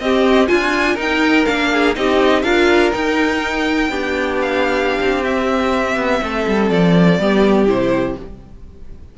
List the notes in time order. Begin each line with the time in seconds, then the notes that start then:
0.00 C4 G4 D#5
0.48 D4 F4 G#5
0.94 D#4 A#4
1.01 G5
1.46 A#3 D4 F5
1.73 G#4
1.96 C4 D#4 G4 D#5
2.43 D4 F4 A#4 F5
2.92 D#4 G5
3.90 B3 D4 G4
4.42 F5
5.01 C4
5.24 C4 E5
5.97 B3
6.22 A3 A4
6.47 G3
6.70 F3 D5
7.19 G3 B3 G4
7.67 C3 E4 C5